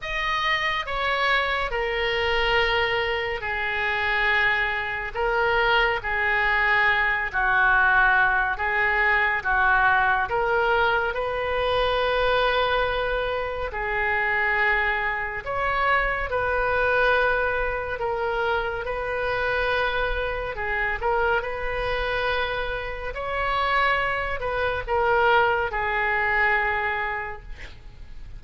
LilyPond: \new Staff \with { instrumentName = "oboe" } { \time 4/4 \tempo 4 = 70 dis''4 cis''4 ais'2 | gis'2 ais'4 gis'4~ | gis'8 fis'4. gis'4 fis'4 | ais'4 b'2. |
gis'2 cis''4 b'4~ | b'4 ais'4 b'2 | gis'8 ais'8 b'2 cis''4~ | cis''8 b'8 ais'4 gis'2 | }